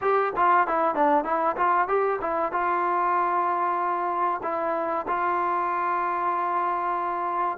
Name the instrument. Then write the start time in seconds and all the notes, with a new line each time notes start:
trombone
0.01 G4
0.36 F4
0.67 E4
0.94 D4
1.24 E4
1.56 F4
1.88 G4
2.21 E4
2.51 F4
4.42 E4
5.07 F4